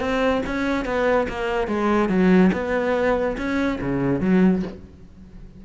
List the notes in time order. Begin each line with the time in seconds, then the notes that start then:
0.00 C4
0.46 C#4
0.85 B3
1.29 A#3
1.67 G#3
2.09 F#3
2.53 B3
3.38 C#4
3.81 C#3
4.21 F#3